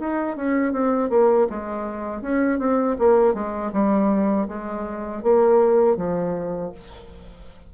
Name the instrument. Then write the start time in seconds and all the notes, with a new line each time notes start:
bassoon
0.00 D#4
0.36 C#4
0.73 C4
1.10 A#3
1.50 G#3
2.22 C#4
2.59 C4
2.99 A#3
3.34 G#3
3.73 G3
4.48 G#3
5.23 A#3
5.97 F3